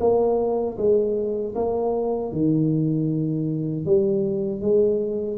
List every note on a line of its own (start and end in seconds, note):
0.00 0.77 A#3
0.77 1.54 G#3
1.55 2.32 A#3
2.32 3.85 D#3
3.85 4.61 G3
4.61 5.38 G#3